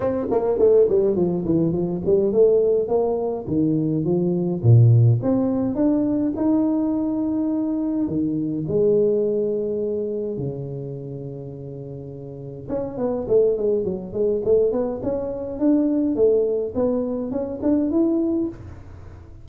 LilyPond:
\new Staff \with { instrumentName = "tuba" } { \time 4/4 \tempo 4 = 104 c'8 ais8 a8 g8 f8 e8 f8 g8 | a4 ais4 dis4 f4 | ais,4 c'4 d'4 dis'4~ | dis'2 dis4 gis4~ |
gis2 cis2~ | cis2 cis'8 b8 a8 gis8 | fis8 gis8 a8 b8 cis'4 d'4 | a4 b4 cis'8 d'8 e'4 | }